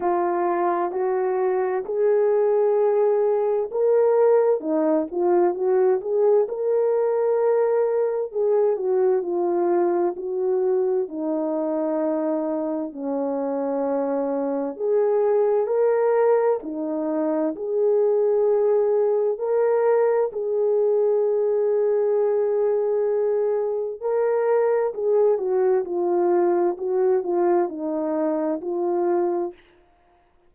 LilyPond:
\new Staff \with { instrumentName = "horn" } { \time 4/4 \tempo 4 = 65 f'4 fis'4 gis'2 | ais'4 dis'8 f'8 fis'8 gis'8 ais'4~ | ais'4 gis'8 fis'8 f'4 fis'4 | dis'2 cis'2 |
gis'4 ais'4 dis'4 gis'4~ | gis'4 ais'4 gis'2~ | gis'2 ais'4 gis'8 fis'8 | f'4 fis'8 f'8 dis'4 f'4 | }